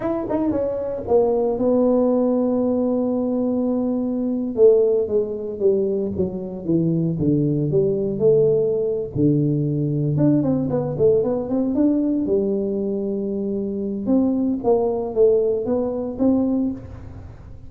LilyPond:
\new Staff \with { instrumentName = "tuba" } { \time 4/4 \tempo 4 = 115 e'8 dis'8 cis'4 ais4 b4~ | b1~ | b8. a4 gis4 g4 fis16~ | fis8. e4 d4 g4 a16~ |
a4. d2 d'8 | c'8 b8 a8 b8 c'8 d'4 g8~ | g2. c'4 | ais4 a4 b4 c'4 | }